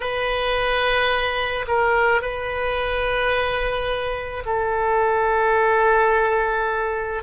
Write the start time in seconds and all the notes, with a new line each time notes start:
0.00 B4
1.67 A#4
2.21 B4
4.45 A4